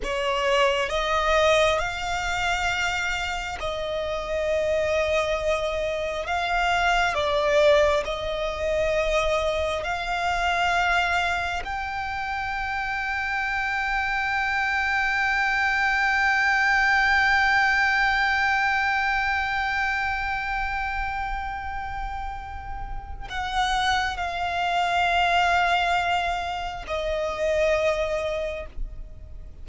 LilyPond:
\new Staff \with { instrumentName = "violin" } { \time 4/4 \tempo 4 = 67 cis''4 dis''4 f''2 | dis''2. f''4 | d''4 dis''2 f''4~ | f''4 g''2.~ |
g''1~ | g''1~ | g''2 fis''4 f''4~ | f''2 dis''2 | }